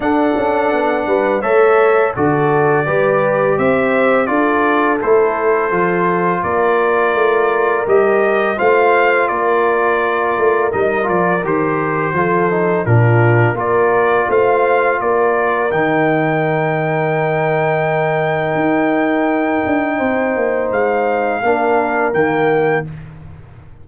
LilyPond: <<
  \new Staff \with { instrumentName = "trumpet" } { \time 4/4 \tempo 4 = 84 fis''2 e''4 d''4~ | d''4 e''4 d''4 c''4~ | c''4 d''2 dis''4 | f''4 d''2 dis''8 d''8 |
c''2 ais'4 d''4 | f''4 d''4 g''2~ | g''1~ | g''4 f''2 g''4 | }
  \new Staff \with { instrumentName = "horn" } { \time 4/4 a'4. b'8 cis''4 a'4 | b'4 c''4 a'2~ | a'4 ais'2. | c''4 ais'2.~ |
ais'4 a'4 f'4 ais'4 | c''4 ais'2.~ | ais'1 | c''2 ais'2 | }
  \new Staff \with { instrumentName = "trombone" } { \time 4/4 d'2 a'4 fis'4 | g'2 f'4 e'4 | f'2. g'4 | f'2. dis'8 f'8 |
g'4 f'8 dis'8 d'4 f'4~ | f'2 dis'2~ | dis'1~ | dis'2 d'4 ais4 | }
  \new Staff \with { instrumentName = "tuba" } { \time 4/4 d'8 cis'8 b8 g8 a4 d4 | g4 c'4 d'4 a4 | f4 ais4 a4 g4 | a4 ais4. a8 g8 f8 |
dis4 f4 ais,4 ais4 | a4 ais4 dis2~ | dis2 dis'4. d'8 | c'8 ais8 gis4 ais4 dis4 | }
>>